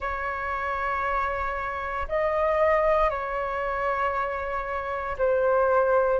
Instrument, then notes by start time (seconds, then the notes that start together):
flute
0.00 C#5
2.08 D#5
3.09 C#5
5.17 C5